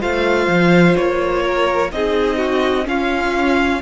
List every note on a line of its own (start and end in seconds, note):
0.00 0.47 A3
0.00 1.90 F4
0.00 1.43 C5
0.00 0.96 F5
0.47 0.95 F3
0.96 1.93 A#3
0.96 1.91 C#5
1.43 1.91 A#4
1.92 2.88 C4
1.92 2.85 D#4
1.92 2.38 G#4
1.92 2.87 D#5
2.38 2.85 F#4
2.85 3.80 C#4
2.85 3.82 C#4
2.85 3.82 F4
2.85 3.82 F5